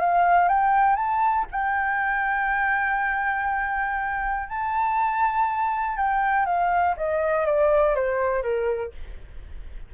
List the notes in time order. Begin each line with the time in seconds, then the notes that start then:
0.00 F5
0.48 G5
0.96 A5
1.51 G5
4.49 A5
5.97 G5
6.46 F5
6.97 D#5
7.46 D5
7.95 C5
8.43 A#4